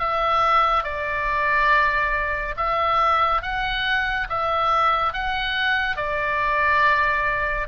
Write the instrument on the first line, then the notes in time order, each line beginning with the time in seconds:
oboe
0.00 E5
0.84 D5
2.58 E5
3.42 F#5
4.30 E5
5.14 F#5
5.97 D5